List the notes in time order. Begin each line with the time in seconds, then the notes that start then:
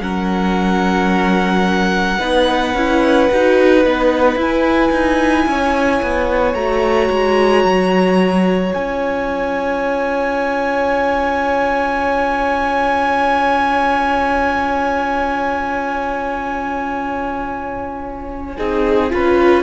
0.00 F#3 C#4 A#4 F#5
2.19 B3 D#4 B4
2.74 C#4 E4
3.32 D#4 F#4
3.84 B3 D#4
4.36 E4 G#5
4.92 D#4
5.47 C#4 C#5
6.03 B3
6.55 A3 F#4 A#5
7.10 G#3
7.65 F#3
8.73 C#4 F4 G#5
18.57 C4 D#4 G#4
19.10 C#4 F4 B4